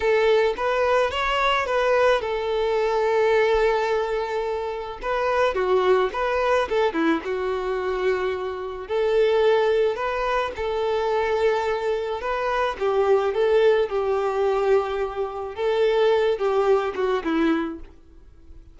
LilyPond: \new Staff \with { instrumentName = "violin" } { \time 4/4 \tempo 4 = 108 a'4 b'4 cis''4 b'4 | a'1~ | a'4 b'4 fis'4 b'4 | a'8 e'8 fis'2. |
a'2 b'4 a'4~ | a'2 b'4 g'4 | a'4 g'2. | a'4. g'4 fis'8 e'4 | }